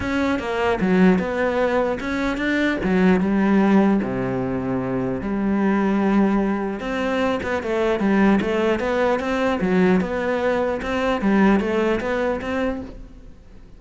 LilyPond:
\new Staff \with { instrumentName = "cello" } { \time 4/4 \tempo 4 = 150 cis'4 ais4 fis4 b4~ | b4 cis'4 d'4 fis4 | g2 c2~ | c4 g2.~ |
g4 c'4. b8 a4 | g4 a4 b4 c'4 | fis4 b2 c'4 | g4 a4 b4 c'4 | }